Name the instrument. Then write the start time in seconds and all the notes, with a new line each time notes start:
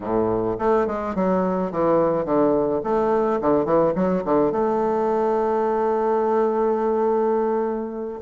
bassoon
0.00 A2
0.58 A3
0.86 G#3
1.15 F#3
1.71 E3
2.25 D3
2.83 A3
3.41 D3
3.65 E3
3.95 F#3
4.25 D3
4.52 A3